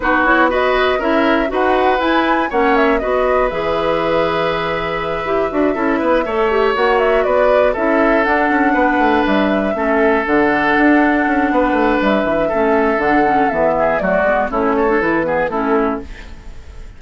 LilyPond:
<<
  \new Staff \with { instrumentName = "flute" } { \time 4/4 \tempo 4 = 120 b'8 cis''8 dis''4 e''4 fis''4 | gis''4 fis''8 e''8 dis''4 e''4~ | e''1~ | e''4. fis''8 e''8 d''4 e''8~ |
e''8 fis''2 e''4.~ | e''8 fis''2.~ fis''8 | e''2 fis''4 e''4 | d''4 cis''4 b'4 a'4 | }
  \new Staff \with { instrumentName = "oboe" } { \time 4/4 fis'4 b'4 ais'4 b'4~ | b'4 cis''4 b'2~ | b'2.~ b'8 a'8 | b'8 cis''2 b'4 a'8~ |
a'4. b'2 a'8~ | a'2. b'4~ | b'4 a'2~ a'8 gis'8 | fis'4 e'8 a'4 gis'8 e'4 | }
  \new Staff \with { instrumentName = "clarinet" } { \time 4/4 dis'8 e'8 fis'4 e'4 fis'4 | e'4 cis'4 fis'4 gis'4~ | gis'2~ gis'8 g'8 fis'8 e'8~ | e'8 a'8 g'8 fis'2 e'8~ |
e'8 d'2. cis'8~ | cis'8 d'2.~ d'8~ | d'4 cis'4 d'8 cis'8 b4 | a8 b8 cis'8. d'16 e'8 b8 cis'4 | }
  \new Staff \with { instrumentName = "bassoon" } { \time 4/4 b2 cis'4 dis'4 | e'4 ais4 b4 e4~ | e2~ e8 e'8 d'8 cis'8 | b8 a4 ais4 b4 cis'8~ |
cis'8 d'8 cis'8 b8 a8 g4 a8~ | a8 d4 d'4 cis'8 b8 a8 | g8 e8 a4 d4 e4 | fis8 gis8 a4 e4 a4 | }
>>